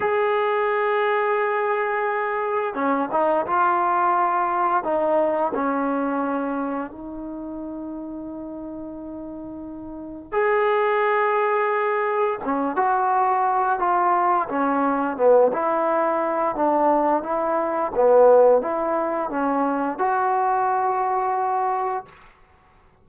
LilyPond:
\new Staff \with { instrumentName = "trombone" } { \time 4/4 \tempo 4 = 87 gis'1 | cis'8 dis'8 f'2 dis'4 | cis'2 dis'2~ | dis'2. gis'4~ |
gis'2 cis'8 fis'4. | f'4 cis'4 b8 e'4. | d'4 e'4 b4 e'4 | cis'4 fis'2. | }